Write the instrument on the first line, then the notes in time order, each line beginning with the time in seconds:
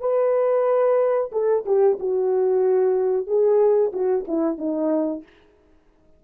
horn
0.00 B4
1.32 A4
1.65 G4
2.00 F#4
3.27 G#4
3.92 F#4
4.27 E4
4.58 D#4